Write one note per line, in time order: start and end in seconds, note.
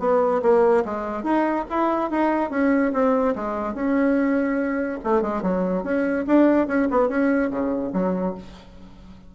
0.00 0.42 B3
0.43 0.84 A#3
0.85 1.24 G#3
1.24 1.66 D#4
1.70 2.11 E4
2.11 2.51 D#4
2.51 2.92 C#4
2.94 3.35 C4
3.36 3.75 G#3
3.75 5.00 C#4
5.04 5.22 A3
5.22 5.43 G#3
5.43 5.84 F#3
5.84 6.26 C#4
6.27 6.68 D4
6.68 6.89 C#4
6.91 7.09 B3
7.09 7.51 C#4
7.51 7.92 C#3
7.93 8.35 F#3